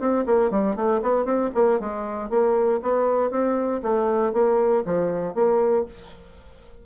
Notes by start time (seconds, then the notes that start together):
0.00 C4
0.26 A#3
0.51 G3
0.76 A3
1.02 B3
1.25 C4
1.55 A#3
1.80 G#3
2.30 A#3
2.82 B3
3.31 C4
3.83 A3
4.33 A#3
4.86 F3
5.35 A#3